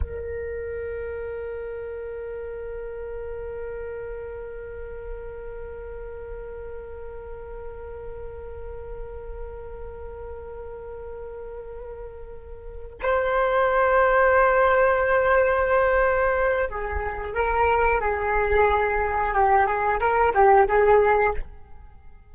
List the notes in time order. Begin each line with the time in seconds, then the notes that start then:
0.00 A#4
13.02 C5
16.69 G#4
17.34 A#4
18.00 G#4
19.33 G4
19.66 G#4
20.00 A#4
20.34 G4
20.68 G#4